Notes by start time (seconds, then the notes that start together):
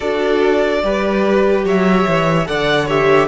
0.00 D4 F#4 A4 D5
0.83 G3 G4 B4
1.64 F#3 C#5 E5
2.06 E3
2.45 D3 A4 D5 F#5
2.85 G4 C#5 E5